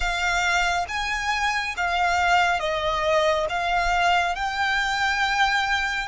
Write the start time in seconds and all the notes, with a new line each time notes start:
0.00 F5
0.88 G#5
1.76 F5
2.59 D#5
3.49 F5
4.35 G5